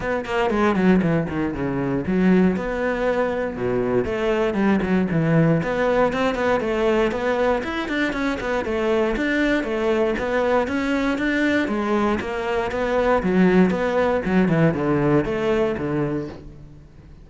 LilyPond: \new Staff \with { instrumentName = "cello" } { \time 4/4 \tempo 4 = 118 b8 ais8 gis8 fis8 e8 dis8 cis4 | fis4 b2 b,4 | a4 g8 fis8 e4 b4 | c'8 b8 a4 b4 e'8 d'8 |
cis'8 b8 a4 d'4 a4 | b4 cis'4 d'4 gis4 | ais4 b4 fis4 b4 | fis8 e8 d4 a4 d4 | }